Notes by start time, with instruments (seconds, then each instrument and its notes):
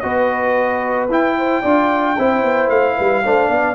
0.00 tuba B3, trombone F#4, horn B4, trumpet D#5
1.09 tuba E4, trombone E4, trumpet G5
1.38 horn C5
1.62 tuba D4, trombone F4, horn D5
2.18 tuba C4, trombone E4, horn C5
2.43 tuba B3
2.68 tuba A3, trumpet F5
2.97 tuba G3, horn B4
3.24 tuba A3, trombone D4, horn C5
3.49 tuba B3, horn D5